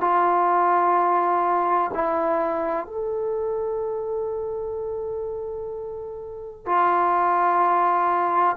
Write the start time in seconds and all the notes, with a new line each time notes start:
0.00 F4
1.94 E4
2.86 A4
6.65 F4